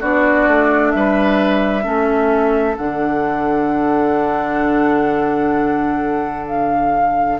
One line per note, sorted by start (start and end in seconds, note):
0.00 0.48 B3
0.00 1.82 D4
0.00 0.92 F#4
0.00 0.92 D5
0.48 0.94 A3
0.92 1.85 G3
0.92 1.84 B4
0.92 2.76 E5
1.82 2.77 A3
1.82 2.75 C#4
1.82 7.38 A4
2.77 7.40 D3
2.77 7.40 D4
2.77 6.47 F#5
6.47 7.39 F5